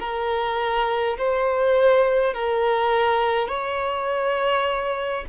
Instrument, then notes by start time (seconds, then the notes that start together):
violin
0.00 A#4
1.18 C5
2.34 A#4
3.49 C#5